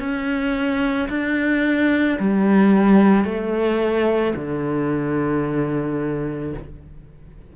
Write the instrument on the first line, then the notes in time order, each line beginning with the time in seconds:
cello
0.00 C#4
1.09 D4
2.19 G3
3.25 A3
4.35 D3